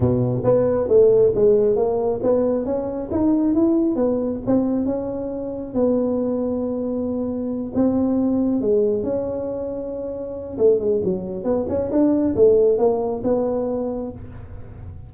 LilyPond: \new Staff \with { instrumentName = "tuba" } { \time 4/4 \tempo 4 = 136 b,4 b4 a4 gis4 | ais4 b4 cis'4 dis'4 | e'4 b4 c'4 cis'4~ | cis'4 b2.~ |
b4. c'2 gis8~ | gis8 cis'2.~ cis'8 | a8 gis8 fis4 b8 cis'8 d'4 | a4 ais4 b2 | }